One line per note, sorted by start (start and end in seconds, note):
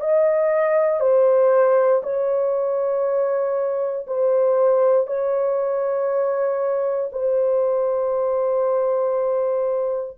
0.00 1.00 D#5
1.00 2.02 C5
2.03 4.06 C#5
4.07 5.07 C5
5.07 7.10 C#5
7.12 10.17 C5